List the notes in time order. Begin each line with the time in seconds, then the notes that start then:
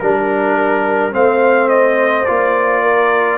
0.00 G3 D4 A#4
1.12 A3 C4 C5 F5
1.69 D#5
2.25 A#3 F4 D5
2.82 A#4